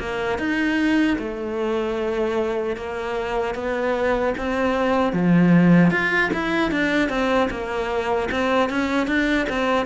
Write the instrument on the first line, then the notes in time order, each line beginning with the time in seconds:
cello
0.00 A#3
0.39 D#4
1.19 A3
2.77 A#3
3.55 B3
4.38 C4
5.14 F3
5.91 F4
6.34 E4
6.72 D4
7.10 C4
7.51 A#3
8.32 C4
8.70 C#4
9.08 D4
9.50 C4